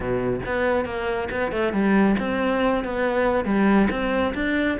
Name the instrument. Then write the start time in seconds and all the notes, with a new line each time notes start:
cello
0.00 B2
0.45 B3
0.85 A#3
1.31 B3
1.51 A3
1.72 G3
2.19 C4
2.84 B3
3.45 G3
3.90 C4
4.34 D4